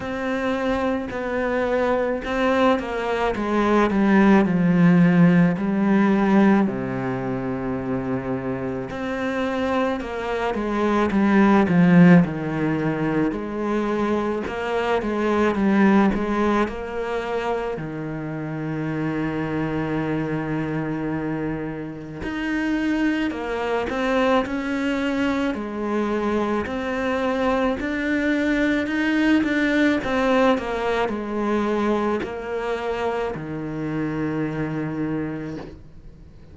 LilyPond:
\new Staff \with { instrumentName = "cello" } { \time 4/4 \tempo 4 = 54 c'4 b4 c'8 ais8 gis8 g8 | f4 g4 c2 | c'4 ais8 gis8 g8 f8 dis4 | gis4 ais8 gis8 g8 gis8 ais4 |
dis1 | dis'4 ais8 c'8 cis'4 gis4 | c'4 d'4 dis'8 d'8 c'8 ais8 | gis4 ais4 dis2 | }